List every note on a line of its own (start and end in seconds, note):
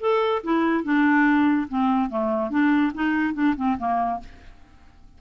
0.00 0.42 A4
0.43 0.84 E4
0.84 1.68 D4
1.68 2.10 C4
2.10 2.50 A3
2.50 2.92 D4
2.94 3.34 D#4
3.34 3.55 D4
3.56 3.77 C4
3.78 4.20 A#3